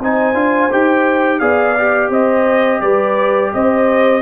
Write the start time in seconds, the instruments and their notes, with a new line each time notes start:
0.00 tuba C4, trombone D#4, horn C5, trumpet G#5
0.34 tuba D4, trombone F4
0.71 tuba D#4, trombone G4, trumpet G5
1.39 tuba B3, trombone G#4, horn D5, trumpet F5
1.78 trombone G4
2.10 tuba C4, horn C5, trumpet D#5
2.81 tuba G3, horn B4, trumpet D5
3.54 tuba C4, horn C5, trumpet D#5